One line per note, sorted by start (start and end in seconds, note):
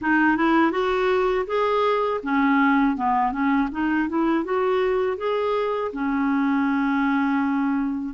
0.01 0.37 D#4
0.37 0.71 E4
0.71 1.45 F#4
1.46 2.20 G#4
2.23 2.96 C#4
2.96 3.31 B3
3.31 3.68 C#4
3.71 4.08 D#4
4.08 4.44 E4
4.44 5.17 F#4
5.17 5.91 G#4
5.93 8.14 C#4